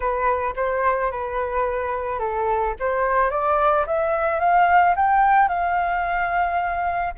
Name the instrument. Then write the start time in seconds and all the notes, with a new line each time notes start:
flute
0.00 B4
0.56 C5
1.11 B4
2.19 A4
2.79 C5
3.30 D5
3.86 E5
4.39 F5
4.95 G5
5.48 F5